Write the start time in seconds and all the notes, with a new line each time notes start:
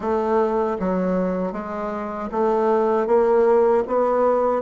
0.00 A3
0.79 F#3
1.52 G#3
2.31 A3
3.06 A#3
3.87 B3